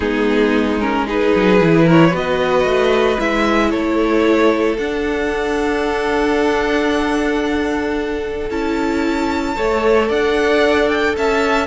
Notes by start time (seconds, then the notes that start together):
0.00 G#3 B3 D#4 G#4
0.80 C#4 A#4
1.06 D#4 G#4 B4
1.35 F#3
1.60 E3 E4
1.85 A#4 C#5
2.08 B3 F#4 B4
2.15 D#5
2.64 A3
3.18 G#3 E4 E5
3.70 A3 A4 C#5
4.77 D4 F#5
8.50 C#4 E4 A5
9.55 A3 A4 C#5
10.08 D4 D5 F#5
10.89 G5
11.17 C#4 E5 A5